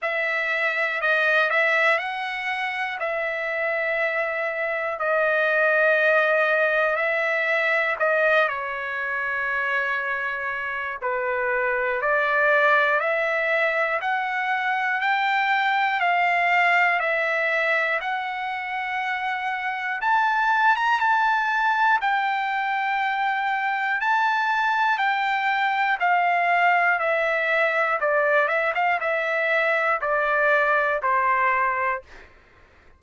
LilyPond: \new Staff \with { instrumentName = "trumpet" } { \time 4/4 \tempo 4 = 60 e''4 dis''8 e''8 fis''4 e''4~ | e''4 dis''2 e''4 | dis''8 cis''2~ cis''8 b'4 | d''4 e''4 fis''4 g''4 |
f''4 e''4 fis''2 | a''8. ais''16 a''4 g''2 | a''4 g''4 f''4 e''4 | d''8 e''16 f''16 e''4 d''4 c''4 | }